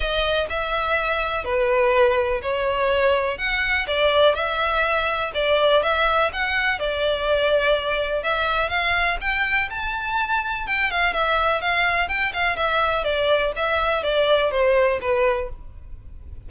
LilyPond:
\new Staff \with { instrumentName = "violin" } { \time 4/4 \tempo 4 = 124 dis''4 e''2 b'4~ | b'4 cis''2 fis''4 | d''4 e''2 d''4 | e''4 fis''4 d''2~ |
d''4 e''4 f''4 g''4 | a''2 g''8 f''8 e''4 | f''4 g''8 f''8 e''4 d''4 | e''4 d''4 c''4 b'4 | }